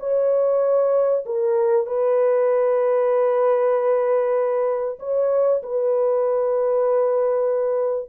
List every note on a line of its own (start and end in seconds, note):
0.00 1.25 C#5
1.26 1.87 A#4
1.87 4.99 B4
4.99 5.62 C#5
5.63 8.09 B4